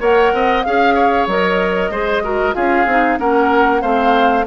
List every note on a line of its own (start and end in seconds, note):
0.00 0.33 A#3
0.00 0.64 A#4
0.00 0.33 C#5
0.00 0.63 F#5
0.33 0.65 C4
0.33 0.66 D#5
0.63 1.27 C#4
0.63 1.29 G#4
0.63 1.27 F5
0.63 0.95 F5
0.95 1.91 C#5
1.27 1.90 F#3
1.27 1.93 A#4
1.27 2.55 D#5
1.90 2.54 G#3
1.90 2.24 G#4
1.90 2.23 C5
2.24 2.54 F#4
2.24 2.55 A#4
2.54 2.86 C#4
2.54 2.86 F4
2.54 3.19 G#4
2.54 3.19 F5
2.86 3.18 C4
2.86 3.19 D#4
3.19 3.83 A#3
3.19 3.81 C#4
3.19 3.82 A#4
3.19 3.82 F#5
3.81 4.47 A3
3.81 4.45 C4
3.81 4.46 C5
3.81 4.46 F5